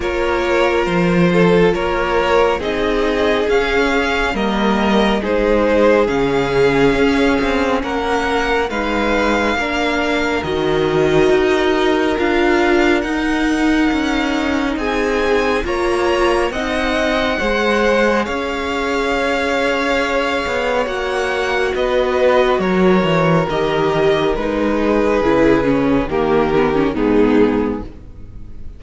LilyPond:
<<
  \new Staff \with { instrumentName = "violin" } { \time 4/4 \tempo 4 = 69 cis''4 c''4 cis''4 dis''4 | f''4 dis''4 c''4 f''4~ | f''4 fis''4 f''2 | dis''2 f''4 fis''4~ |
fis''4 gis''4 ais''4 fis''4~ | fis''4 f''2. | fis''4 dis''4 cis''4 dis''4 | b'2 ais'4 gis'4 | }
  \new Staff \with { instrumentName = "violin" } { \time 4/4 ais'4. a'8 ais'4 gis'4~ | gis'4 ais'4 gis'2~ | gis'4 ais'4 b'4 ais'4~ | ais'1~ |
ais'4 gis'4 cis''4 dis''4 | c''4 cis''2.~ | cis''4 b'4 ais'2~ | ais'8 gis'4. g'4 dis'4 | }
  \new Staff \with { instrumentName = "viola" } { \time 4/4 f'2. dis'4 | cis'4 ais4 dis'4 cis'4~ | cis'2 dis'4 d'4 | fis'2 f'4 dis'4~ |
dis'2 f'4 dis'4 | gis'1 | fis'2. g'4 | dis'4 e'8 cis'8 ais8 b16 cis'16 b4 | }
  \new Staff \with { instrumentName = "cello" } { \time 4/4 ais4 f4 ais4 c'4 | cis'4 g4 gis4 cis4 | cis'8 c'8 ais4 gis4 ais4 | dis4 dis'4 d'4 dis'4 |
cis'4 c'4 ais4 c'4 | gis4 cis'2~ cis'8 b8 | ais4 b4 fis8 e8 dis4 | gis4 cis4 dis4 gis,4 | }
>>